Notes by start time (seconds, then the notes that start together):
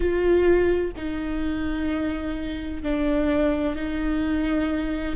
0.00 F4
0.96 D#4
2.82 D4
3.75 D#4